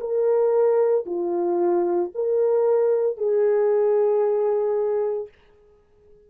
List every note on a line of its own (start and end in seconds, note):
0.00 1.05 A#4
1.06 2.11 F4
2.14 3.17 A#4
3.17 5.28 G#4